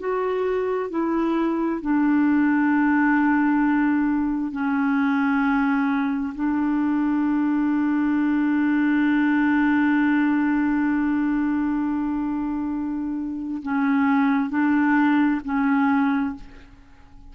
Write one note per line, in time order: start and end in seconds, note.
0.00 0.90 F#4
0.90 1.81 E4
1.81 4.52 D4
4.52 6.34 C#4
6.35 13.62 D4
13.63 14.50 C#4
14.50 15.41 D4
15.45 16.36 C#4